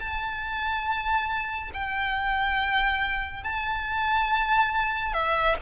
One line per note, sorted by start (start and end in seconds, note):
0.00 1.71 A5
1.74 3.44 G5
3.44 5.14 A5
5.14 5.56 E5